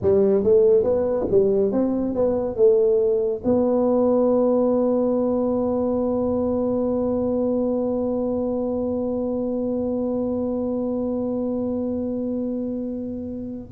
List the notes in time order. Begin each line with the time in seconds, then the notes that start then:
0.02 G3
0.43 A3
0.83 B3
1.31 G3
1.72 C4
2.14 B3
2.56 A3
3.44 B3